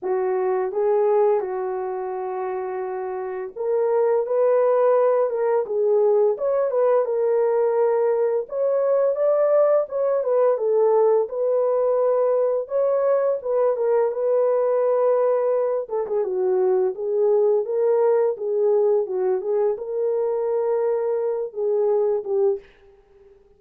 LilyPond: \new Staff \with { instrumentName = "horn" } { \time 4/4 \tempo 4 = 85 fis'4 gis'4 fis'2~ | fis'4 ais'4 b'4. ais'8 | gis'4 cis''8 b'8 ais'2 | cis''4 d''4 cis''8 b'8 a'4 |
b'2 cis''4 b'8 ais'8 | b'2~ b'8 a'16 gis'16 fis'4 | gis'4 ais'4 gis'4 fis'8 gis'8 | ais'2~ ais'8 gis'4 g'8 | }